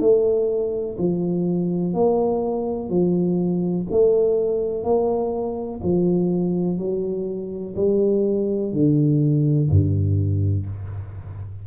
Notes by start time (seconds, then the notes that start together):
0.00 A3
0.98 F3
1.94 A#3
2.89 F3
3.91 A3
4.84 A#3
5.83 F3
6.78 F#3
7.76 G3
8.73 D3
9.70 G2